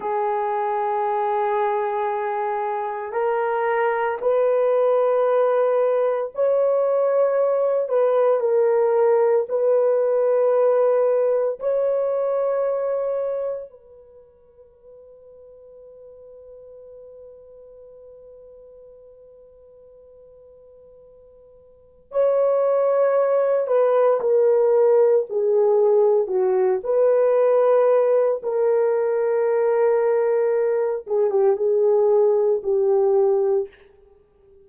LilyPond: \new Staff \with { instrumentName = "horn" } { \time 4/4 \tempo 4 = 57 gis'2. ais'4 | b'2 cis''4. b'8 | ais'4 b'2 cis''4~ | cis''4 b'2.~ |
b'1~ | b'4 cis''4. b'8 ais'4 | gis'4 fis'8 b'4. ais'4~ | ais'4. gis'16 g'16 gis'4 g'4 | }